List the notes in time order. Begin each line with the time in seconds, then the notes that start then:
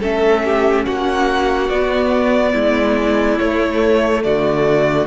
0.00 A3 C#4 A4 E5
0.44 G4
0.85 A#3 F#4 F#5
1.69 B3 D5
2.53 G#3 E4
3.39 A3 C#5
4.23 D3 F#4 D5